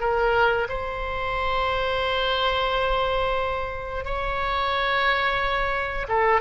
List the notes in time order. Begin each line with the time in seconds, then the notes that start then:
0.00 A#4
0.68 C5
4.04 C#5
6.08 A4